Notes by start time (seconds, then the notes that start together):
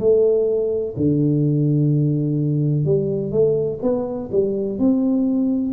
0.00 A3
0.97 D3
2.85 G3
3.32 A3
3.83 B3
4.32 G3
4.79 C4